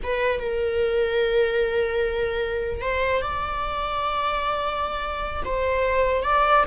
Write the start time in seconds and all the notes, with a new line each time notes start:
0.03 B4
0.39 A#4
2.81 C5
3.21 D5
5.44 C5
6.23 D5